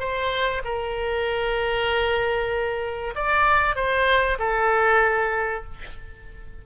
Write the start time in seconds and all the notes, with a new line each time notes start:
0.00 C5
0.65 A#4
3.15 D5
3.76 C5
4.39 A4